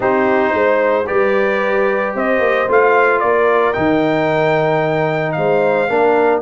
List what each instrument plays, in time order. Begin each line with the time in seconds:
0.00 tuba C4, trombone D#4, horn G4, trumpet C5
0.53 tuba G#3, horn C5
1.06 tuba G3, trombone G4, horn B4, trumpet D5
2.14 tuba C4, horn C5, trumpet D#5
2.39 tuba A#3
2.68 tuba A3, trombone F4, trumpet F5
3.19 tuba A#3, horn A#4, trumpet D5
3.73 tuba D#3, trombone D#4, trumpet G5
5.32 tuba G#3, horn C5, trumpet F5
5.88 tuba A#3, trombone D4, horn A#4